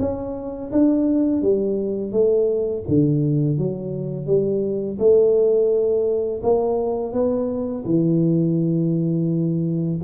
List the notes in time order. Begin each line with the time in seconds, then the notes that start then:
0.00 C#4
0.72 D4
1.42 G3
2.12 A3
2.88 D3
3.58 F#3
4.27 G3
4.99 A3
6.43 A#3
7.13 B3
7.86 E3